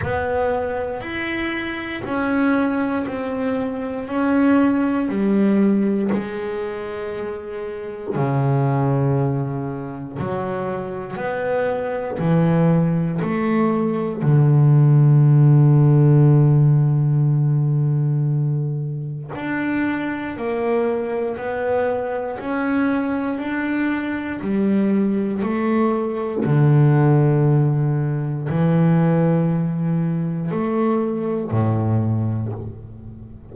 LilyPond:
\new Staff \with { instrumentName = "double bass" } { \time 4/4 \tempo 4 = 59 b4 e'4 cis'4 c'4 | cis'4 g4 gis2 | cis2 fis4 b4 | e4 a4 d2~ |
d2. d'4 | ais4 b4 cis'4 d'4 | g4 a4 d2 | e2 a4 a,4 | }